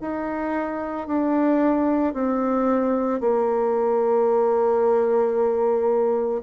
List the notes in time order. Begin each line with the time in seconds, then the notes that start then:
0.00 D#4
1.07 D4
2.13 C4
3.20 A#3